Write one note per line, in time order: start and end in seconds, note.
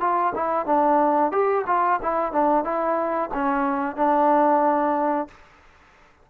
0.00 0.33 F4
0.35 0.66 E4
0.66 1.32 D4
1.32 1.65 G4
1.67 2.00 F4
2.02 2.32 E4
2.32 2.64 D4
2.64 3.30 E4
3.34 3.96 C#4
3.96 5.28 D4